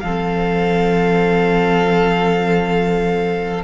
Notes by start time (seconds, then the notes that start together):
0.00 F3 C4 A4 F5